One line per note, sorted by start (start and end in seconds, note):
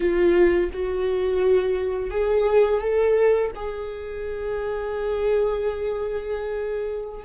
0.00 0.70 F4
0.73 2.10 F#4
2.10 2.80 G#4
2.80 3.51 A4
3.55 7.24 G#4